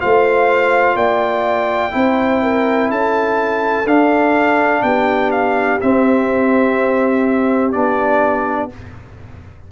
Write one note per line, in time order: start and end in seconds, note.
0.00 0.96 A3
0.00 1.91 F4
0.00 0.96 C5
0.00 0.96 F5
0.96 1.92 A#3
0.96 1.92 D5
0.96 2.90 G5
1.91 2.90 C4
1.91 3.85 E4
1.91 2.42 C5
2.42 2.89 A#4
2.89 3.85 C#4
2.89 4.83 A4
2.89 3.87 A5
3.85 4.82 D4
3.85 5.81 D4
3.85 4.82 F5
4.82 5.80 B3
4.82 8.71 G4
4.82 5.31 G5
5.31 5.79 F5
5.80 7.73 C4
5.80 7.75 C4
5.80 7.72 E5
7.72 8.71 B3
7.72 8.70 D4
7.72 8.69 D5